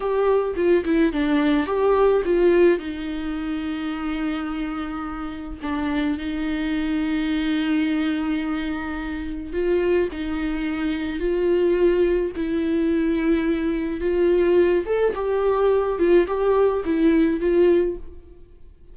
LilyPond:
\new Staff \with { instrumentName = "viola" } { \time 4/4 \tempo 4 = 107 g'4 f'8 e'8 d'4 g'4 | f'4 dis'2.~ | dis'2 d'4 dis'4~ | dis'1~ |
dis'4 f'4 dis'2 | f'2 e'2~ | e'4 f'4. a'8 g'4~ | g'8 f'8 g'4 e'4 f'4 | }